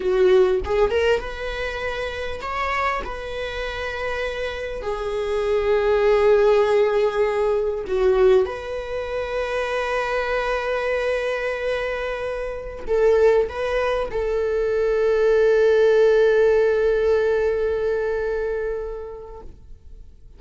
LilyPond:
\new Staff \with { instrumentName = "viola" } { \time 4/4 \tempo 4 = 99 fis'4 gis'8 ais'8 b'2 | cis''4 b'2. | gis'1~ | gis'4 fis'4 b'2~ |
b'1~ | b'4~ b'16 a'4 b'4 a'8.~ | a'1~ | a'1 | }